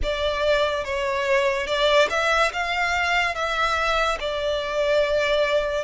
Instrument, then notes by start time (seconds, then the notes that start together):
violin
0.02 D5
0.84 C#5
1.67 D5
2.09 E5
2.52 F5
3.34 E5
4.19 D5